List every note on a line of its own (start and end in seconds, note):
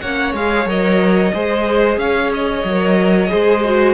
0.00 0.33 A#3
0.00 0.36 C#4
0.00 1.33 C#5
0.00 0.33 F#5
0.33 0.65 G#3
0.33 0.67 G#4
0.33 0.68 F5
0.65 1.31 F#3
0.65 1.33 A#4
0.65 1.98 D#5
1.34 1.97 G#3
1.34 2.66 G#4
1.34 1.99 C5
1.97 2.63 C#4
1.97 3.30 C#5
1.97 2.31 F5
2.34 3.94 D#5
2.64 3.30 F#3
2.64 3.28 A#4
3.28 3.94 G#3
3.28 3.61 G#4
3.28 3.94 C5
3.65 3.94 F#4